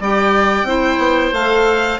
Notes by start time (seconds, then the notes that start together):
0.00 G3 G4 D5 G5
0.63 C4 E4 C5
0.98 B3
1.32 A3 A4 F5